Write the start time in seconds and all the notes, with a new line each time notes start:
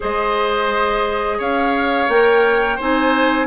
0.00 G#3 G#4 C5 D#5
1.38 C#4 C#5 F5
2.08 A#3 A#4 G5
2.76 C4 D#4 C5 G#5